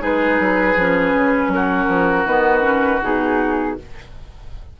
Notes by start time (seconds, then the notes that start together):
0.00 G#3 D#4 G#4 B4
0.40 F#3
0.76 F3 C#4
1.13 C#3
1.48 F#3 A#4
1.55 F#4
1.88 F3
2.25 D#3 B3 B4
2.61 C#4
3.02 B2 D#4 G#4